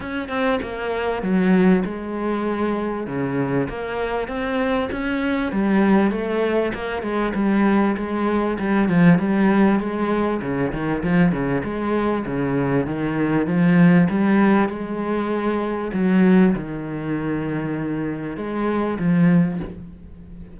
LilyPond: \new Staff \with { instrumentName = "cello" } { \time 4/4 \tempo 4 = 98 cis'8 c'8 ais4 fis4 gis4~ | gis4 cis4 ais4 c'4 | cis'4 g4 a4 ais8 gis8 | g4 gis4 g8 f8 g4 |
gis4 cis8 dis8 f8 cis8 gis4 | cis4 dis4 f4 g4 | gis2 fis4 dis4~ | dis2 gis4 f4 | }